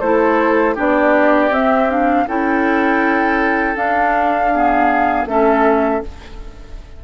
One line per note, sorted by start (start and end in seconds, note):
0.00 0.76 A3
0.00 0.76 E4
0.00 0.75 A4
0.00 0.75 C5
0.75 1.50 B3
0.75 1.51 D4
0.75 2.25 G4
0.75 1.54 D5
1.50 2.25 C4
1.50 1.88 C4
1.50 1.90 E5
1.89 2.27 D4
1.89 2.28 F5
2.28 3.76 C#4
2.28 3.76 E4
2.28 4.53 A4
2.28 3.77 G5
3.76 4.51 D4
3.76 5.25 D4
3.76 5.27 F5
4.54 5.28 B3
4.54 5.29 G#4
5.25 6.00 A3
5.25 6.03 C#4
5.25 6.04 A4
5.25 6.03 E5